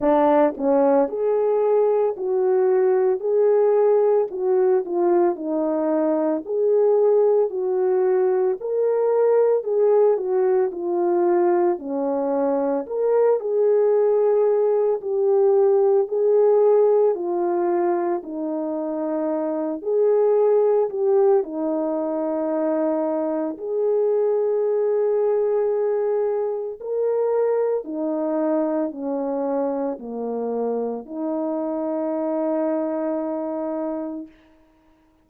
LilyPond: \new Staff \with { instrumentName = "horn" } { \time 4/4 \tempo 4 = 56 d'8 cis'8 gis'4 fis'4 gis'4 | fis'8 f'8 dis'4 gis'4 fis'4 | ais'4 gis'8 fis'8 f'4 cis'4 | ais'8 gis'4. g'4 gis'4 |
f'4 dis'4. gis'4 g'8 | dis'2 gis'2~ | gis'4 ais'4 dis'4 cis'4 | ais4 dis'2. | }